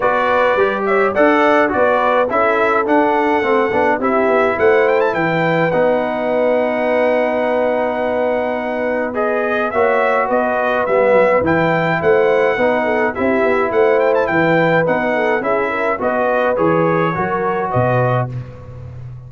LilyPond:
<<
  \new Staff \with { instrumentName = "trumpet" } { \time 4/4 \tempo 4 = 105 d''4. e''8 fis''4 d''4 | e''4 fis''2 e''4 | fis''8 g''16 a''16 g''4 fis''2~ | fis''1 |
dis''4 e''4 dis''4 e''4 | g''4 fis''2 e''4 | fis''8 g''16 a''16 g''4 fis''4 e''4 | dis''4 cis''2 dis''4 | }
  \new Staff \with { instrumentName = "horn" } { \time 4/4 b'4. cis''8 d''4 b'4 | a'2. g'4 | c''4 b'2.~ | b'1~ |
b'4 cis''4 b'2~ | b'4 c''4 b'8 a'8 g'4 | c''4 b'4. a'8 gis'8 ais'8 | b'2 ais'4 b'4 | }
  \new Staff \with { instrumentName = "trombone" } { \time 4/4 fis'4 g'4 a'4 fis'4 | e'4 d'4 c'8 d'8 e'4~ | e'2 dis'2~ | dis'1 |
gis'4 fis'2 b4 | e'2 dis'4 e'4~ | e'2 dis'4 e'4 | fis'4 gis'4 fis'2 | }
  \new Staff \with { instrumentName = "tuba" } { \time 4/4 b4 g4 d'4 b4 | cis'4 d'4 a8 b8 c'8 b8 | a4 e4 b2~ | b1~ |
b4 ais4 b4 g8 fis8 | e4 a4 b4 c'8 b8 | a4 e4 b4 cis'4 | b4 e4 fis4 b,4 | }
>>